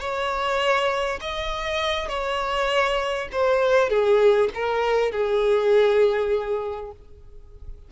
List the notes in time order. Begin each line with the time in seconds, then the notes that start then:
0.00 C#5
1.21 D#5
2.09 C#5
3.32 C5
3.90 G#4
4.55 A#4
5.12 G#4